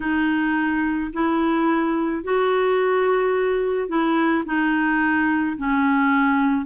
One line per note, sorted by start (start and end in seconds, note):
0.00 1.11 D#4
1.13 2.23 E4
2.23 3.88 F#4
3.88 4.44 E4
4.45 5.57 D#4
5.57 6.65 C#4